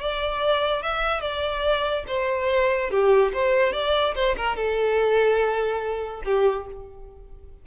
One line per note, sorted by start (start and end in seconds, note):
0.00 0.82 D5
0.82 1.21 E5
1.21 2.04 D5
2.07 2.90 C5
2.90 3.32 G4
3.33 3.72 C5
3.72 4.14 D5
4.14 4.35 C5
4.37 4.55 A#4
4.55 6.22 A4
6.24 6.66 G4